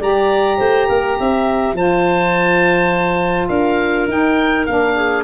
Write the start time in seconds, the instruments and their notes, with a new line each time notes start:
0.00 tuba G3, saxophone G4, clarinet D5, oboe A#5
0.58 tuba A3, clarinet C5
0.88 tuba A#3, clarinet A#4
1.19 tuba C4, clarinet E5
1.73 tuba F3, saxophone F4, clarinet C5, oboe A5
3.49 tuba D4, clarinet A#4, oboe F5
4.08 tuba D#4, saxophone D#4, oboe G5
4.66 tuba A#3, saxophone D4, oboe F5
4.96 clarinet G#4